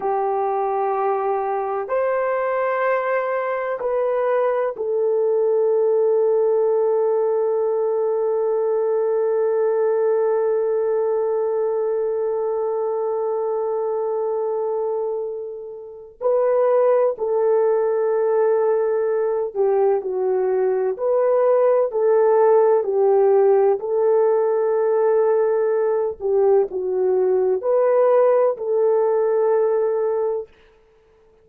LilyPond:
\new Staff \with { instrumentName = "horn" } { \time 4/4 \tempo 4 = 63 g'2 c''2 | b'4 a'2.~ | a'1~ | a'1~ |
a'4 b'4 a'2~ | a'8 g'8 fis'4 b'4 a'4 | g'4 a'2~ a'8 g'8 | fis'4 b'4 a'2 | }